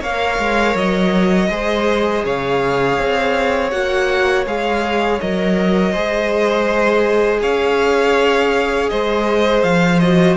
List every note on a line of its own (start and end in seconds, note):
0.00 0.38 A#3
0.00 1.50 A#4
0.00 1.48 C#5
0.00 0.77 F5
0.38 0.75 G#3
0.75 1.49 F#3
0.75 2.25 D#5
1.49 2.23 G#3
1.49 3.71 G#4
1.49 2.25 C5
2.24 2.98 C#3
2.24 5.92 C#5
2.24 3.71 F5
2.99 3.73 C4
3.71 4.46 A#3
3.71 4.45 F#4
3.71 4.45 F#5
4.46 5.20 G#3
4.46 5.20 G#4
4.46 5.21 F5
5.21 5.95 F#3
5.21 5.94 A#4
5.21 7.42 D#5
5.92 7.43 G#3
5.92 10.01 G#4
5.92 7.40 C5
7.42 8.91 C#4
7.42 8.90 C#5
7.42 8.89 F5
8.89 9.63 G#3
8.89 10.37 C5
8.89 9.63 D#5
9.63 10.37 F3
9.63 9.99 F5
9.99 10.37 F#4
9.99 10.36 D#5